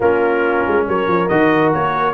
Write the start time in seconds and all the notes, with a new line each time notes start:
0.00 A#3 C#4 F4 A#4
0.67 G#3
0.87 F#3 A#4 C#5
1.07 F3
1.28 D#3 F#4 D#5
1.73 A#3 C#5